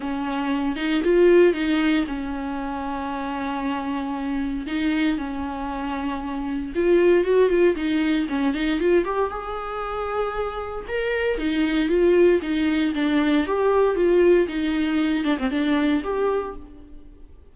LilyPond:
\new Staff \with { instrumentName = "viola" } { \time 4/4 \tempo 4 = 116 cis'4. dis'8 f'4 dis'4 | cis'1~ | cis'4 dis'4 cis'2~ | cis'4 f'4 fis'8 f'8 dis'4 |
cis'8 dis'8 f'8 g'8 gis'2~ | gis'4 ais'4 dis'4 f'4 | dis'4 d'4 g'4 f'4 | dis'4. d'16 c'16 d'4 g'4 | }